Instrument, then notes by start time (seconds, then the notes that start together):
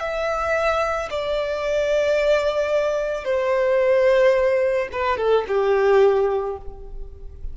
violin
0.00 E5
1.11 D5
3.25 C5
4.92 B4
5.18 A4
5.48 G4